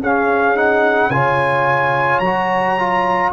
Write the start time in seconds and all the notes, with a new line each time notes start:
0.00 C#4 G#4 F5
0.56 D#4 F#5
1.09 C#3 F4 C#5 G#5
2.19 F#3 F#4 A#5
2.79 F4